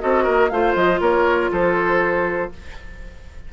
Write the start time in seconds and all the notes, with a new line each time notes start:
0.00 C4 F#4 A4 D#5
0.24 A#3 A#4
0.49 A3 F4 C5 F5
0.75 F3 D#5
1.01 A#3 A#4 C#5
1.52 F3 A4 C5